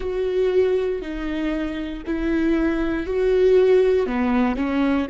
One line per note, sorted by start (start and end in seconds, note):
0.00 1.01 F#4
1.01 2.03 D#4
2.06 3.06 E4
3.06 4.06 F#4
4.06 4.55 B3
4.55 5.06 C#4